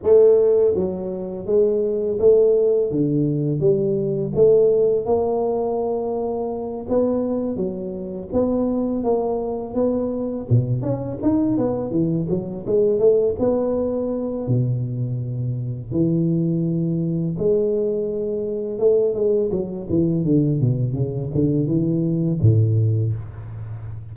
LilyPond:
\new Staff \with { instrumentName = "tuba" } { \time 4/4 \tempo 4 = 83 a4 fis4 gis4 a4 | d4 g4 a4 ais4~ | ais4. b4 fis4 b8~ | b8 ais4 b4 b,8 cis'8 dis'8 |
b8 e8 fis8 gis8 a8 b4. | b,2 e2 | gis2 a8 gis8 fis8 e8 | d8 b,8 cis8 d8 e4 a,4 | }